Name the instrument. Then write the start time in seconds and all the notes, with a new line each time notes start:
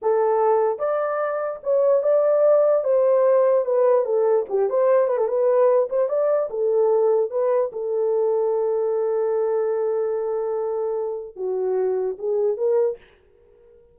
horn
0.01 A4
0.78 D5
1.63 C#5
2.02 D5
2.84 C5
3.65 B4
4.05 A4
4.49 G4
4.69 C5
5.07 B4
5.17 A4
5.28 B4
5.89 C5
6.08 D5
6.50 A4
7.30 B4
7.72 A4
11.36 F#4
12.18 G#4
12.57 A#4